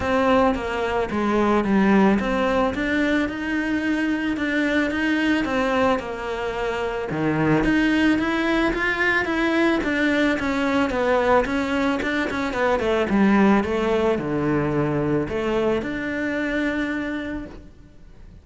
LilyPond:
\new Staff \with { instrumentName = "cello" } { \time 4/4 \tempo 4 = 110 c'4 ais4 gis4 g4 | c'4 d'4 dis'2 | d'4 dis'4 c'4 ais4~ | ais4 dis4 dis'4 e'4 |
f'4 e'4 d'4 cis'4 | b4 cis'4 d'8 cis'8 b8 a8 | g4 a4 d2 | a4 d'2. | }